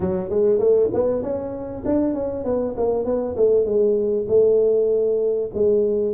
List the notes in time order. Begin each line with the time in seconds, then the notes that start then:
0.00 F#3
0.29 G#3
0.58 A3
0.93 B3
1.22 C#4
1.85 D4
2.14 C#4
2.44 B3
2.76 A#3
3.04 B3
3.36 A3
3.65 G#3
4.27 A3
5.54 G#3